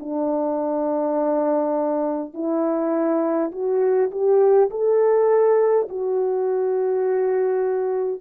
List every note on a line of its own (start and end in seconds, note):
0.00 2.34 D4
2.34 3.51 E4
3.52 4.11 F#4
4.11 4.70 G4
4.71 5.88 A4
5.89 8.21 F#4